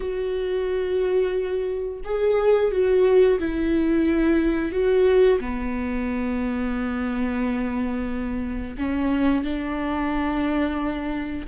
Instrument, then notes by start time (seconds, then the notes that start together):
viola
0.00 F#4
2.04 G#4
2.71 F#4
3.39 E4
4.72 F#4
5.39 B3
8.77 C#4
9.44 D4